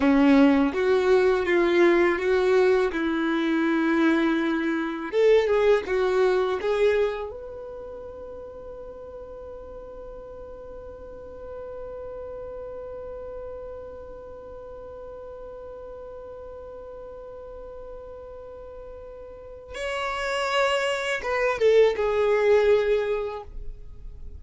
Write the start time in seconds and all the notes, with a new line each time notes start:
0.00 C#4
0.73 F#4
1.45 F4
2.18 F#4
2.92 E4
5.11 A4
5.47 G#4
5.86 F#4
6.61 G#4
7.30 B4
19.75 C#5
21.22 B4
21.59 A4
21.96 G#4